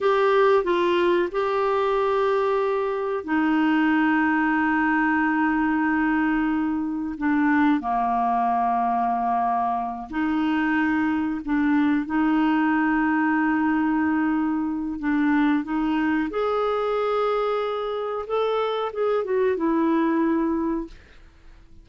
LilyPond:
\new Staff \with { instrumentName = "clarinet" } { \time 4/4 \tempo 4 = 92 g'4 f'4 g'2~ | g'4 dis'2.~ | dis'2. d'4 | ais2.~ ais8 dis'8~ |
dis'4. d'4 dis'4.~ | dis'2. d'4 | dis'4 gis'2. | a'4 gis'8 fis'8 e'2 | }